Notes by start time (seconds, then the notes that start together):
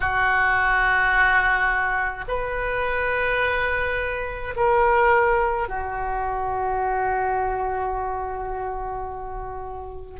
0.00 F#4
2.27 B4
4.55 A#4
5.68 F#4